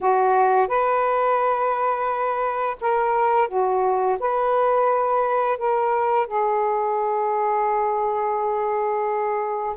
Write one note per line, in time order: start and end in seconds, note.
0.01 0.67 F#4
0.67 2.77 B4
2.80 3.48 A#4
3.48 4.18 F#4
4.19 5.58 B4
5.58 6.27 A#4
6.27 9.76 G#4